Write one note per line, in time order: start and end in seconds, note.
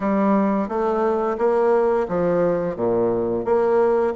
0.00 0.68 G3
0.68 1.37 A3
1.38 2.07 A#3
2.08 2.76 F3
2.76 3.44 A#2
3.44 4.13 A#3